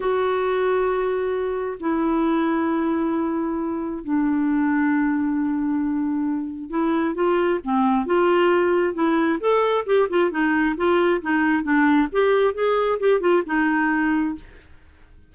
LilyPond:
\new Staff \with { instrumentName = "clarinet" } { \time 4/4 \tempo 4 = 134 fis'1 | e'1~ | e'4 d'2.~ | d'2. e'4 |
f'4 c'4 f'2 | e'4 a'4 g'8 f'8 dis'4 | f'4 dis'4 d'4 g'4 | gis'4 g'8 f'8 dis'2 | }